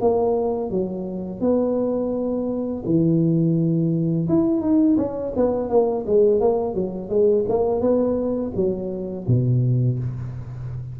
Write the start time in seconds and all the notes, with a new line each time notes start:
0.00 A#3
0.70 F#3
1.40 B3
2.85 E3
4.28 E4
4.60 D#4
4.97 C#4
5.35 B3
5.69 A#3
6.06 G#3
6.40 A#3
6.74 F#3
7.09 G#3
7.48 A#3
7.80 B3
8.55 F#3
9.27 B2